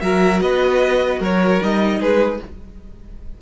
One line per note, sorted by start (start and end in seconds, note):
0.00 0.41 F#3
0.00 1.60 F#4
0.00 0.42 A#4
0.00 0.40 E5
0.41 1.20 B3
0.41 1.19 B4
0.41 1.21 D#5
1.19 1.60 F#3
1.19 1.99 A#4
1.19 1.63 C#5
1.60 1.99 G3
1.60 2.40 D#4
1.60 2.01 D#5
1.99 2.39 G#3
1.99 2.40 G#4
1.99 2.41 B4